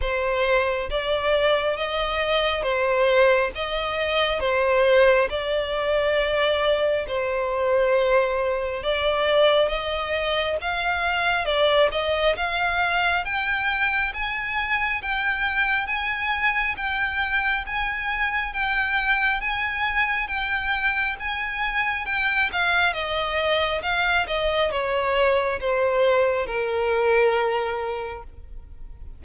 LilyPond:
\new Staff \with { instrumentName = "violin" } { \time 4/4 \tempo 4 = 68 c''4 d''4 dis''4 c''4 | dis''4 c''4 d''2 | c''2 d''4 dis''4 | f''4 d''8 dis''8 f''4 g''4 |
gis''4 g''4 gis''4 g''4 | gis''4 g''4 gis''4 g''4 | gis''4 g''8 f''8 dis''4 f''8 dis''8 | cis''4 c''4 ais'2 | }